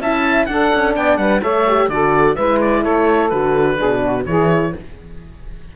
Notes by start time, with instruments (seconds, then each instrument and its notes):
0.00 cello C#4, horn E4, saxophone E5, oboe A5
0.46 cello D4, horn D4, saxophone A4, oboe F#5
0.75 cello C#4
0.96 cello B3, saxophone D5, oboe G5
1.17 cello G3, saxophone B4, oboe F#5
1.41 cello A3, horn A4, saxophone C#5, oboe E5
1.68 horn G4
1.88 cello D3, horn F#4, saxophone A4, oboe D5
2.35 cello G#3, horn E4, saxophone B4, oboe E5
2.61 oboe D5
2.81 cello A3, saxophone A4, oboe C#5
3.30 cello D3, horn F#4, oboe B4
3.77 cello B2, horn D4, saxophone G#4
4.03 saxophone F#4
4.26 cello E3, horn E4, saxophone G#4, oboe C#5